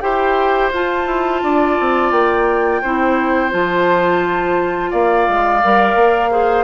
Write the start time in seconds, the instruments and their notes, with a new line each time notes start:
0.00 bassoon E4, clarinet G4, oboe C5, flute G5
0.71 bassoon F4, clarinet F4, flute A5
1.06 bassoon E4
1.43 bassoon D4, oboe D5
1.80 bassoon C4
2.11 bassoon A#3, flute G5
2.82 bassoon C4, clarinet E4, oboe C5
3.50 bassoon F3, clarinet F4, flute A5
4.90 bassoon A#3, oboe D5, flute F5
5.27 bassoon G#3
5.63 bassoon G3, clarinet A#4
5.95 bassoon A#3
6.30 clarinet G#4, oboe C5